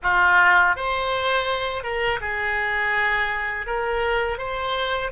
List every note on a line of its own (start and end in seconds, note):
0.02 0.75 F4
0.75 1.83 C5
1.83 2.20 A#4
2.20 3.66 G#4
3.66 4.37 A#4
4.37 5.11 C5